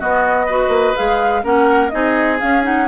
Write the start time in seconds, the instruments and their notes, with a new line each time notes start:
0.00 clarinet B3, bassoon B3, oboe F#4, flute D#5
0.46 clarinet F#4, oboe B4
0.69 bassoon A#3
0.96 bassoon G#3, clarinet G#4, flute F5
1.43 bassoon A#3, clarinet C#4, oboe A#4, flute F#5
1.90 bassoon C4, clarinet D#4, oboe G#4, flute D#5
2.40 clarinet C#4, bassoon C#4, flute F5
2.63 clarinet D#4, flute F#5